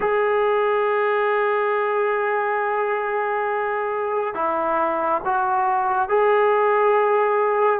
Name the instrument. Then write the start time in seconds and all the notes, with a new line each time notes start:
trombone
0.00 G#4
4.34 E4
5.24 F#4
6.09 G#4